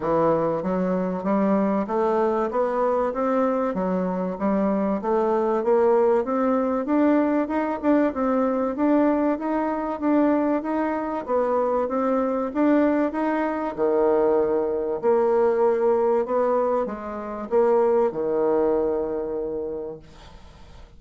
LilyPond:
\new Staff \with { instrumentName = "bassoon" } { \time 4/4 \tempo 4 = 96 e4 fis4 g4 a4 | b4 c'4 fis4 g4 | a4 ais4 c'4 d'4 | dis'8 d'8 c'4 d'4 dis'4 |
d'4 dis'4 b4 c'4 | d'4 dis'4 dis2 | ais2 b4 gis4 | ais4 dis2. | }